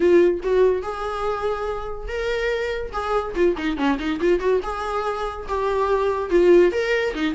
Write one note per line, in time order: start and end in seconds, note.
0.00 0.40 F4
0.42 0.82 F#4
0.82 2.08 G#4
2.08 2.92 A#4
2.92 3.34 G#4
3.35 3.55 F4
3.57 3.77 D#4
3.77 3.98 C#4
3.98 4.19 D#4
4.20 4.39 F4
4.39 4.60 F#4
4.62 5.46 G#4
5.48 6.29 G4
6.29 6.71 F4
6.72 7.14 A#4
7.14 7.34 D#4